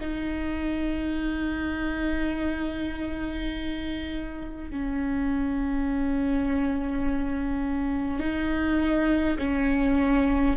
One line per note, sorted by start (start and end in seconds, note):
0.00 4.70 D#4
4.70 8.19 C#4
8.19 9.37 D#4
9.38 10.56 C#4